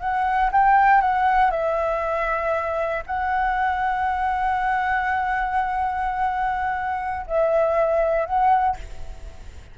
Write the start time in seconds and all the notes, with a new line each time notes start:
0.00 F#5
0.52 G5
1.02 F#5
1.51 E5
3.07 F#5
7.28 E5
8.26 F#5